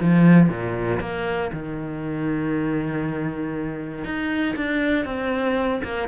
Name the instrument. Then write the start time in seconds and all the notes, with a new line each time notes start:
cello
0.00 F3
0.49 A#2
1.00 A#3
1.53 D#3
4.04 D#4
4.56 D4
5.05 C4
5.84 A#3